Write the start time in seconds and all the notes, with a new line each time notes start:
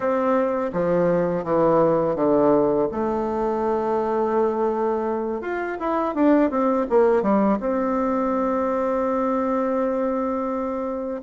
0.00 C4
0.73 F3
1.44 E3
2.15 D3
2.91 A3
5.41 F4
5.79 E4
6.14 D4
6.50 C4
6.89 A#3
7.22 G3
7.60 C4